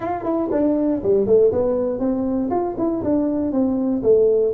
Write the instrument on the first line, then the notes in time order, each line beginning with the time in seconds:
tuba
0.00 F4
0.24 E4
0.51 D4
1.02 G3
1.26 A3
1.51 B3
1.99 C4
2.50 F4
2.78 E4
3.03 D4
3.52 C4
4.02 A3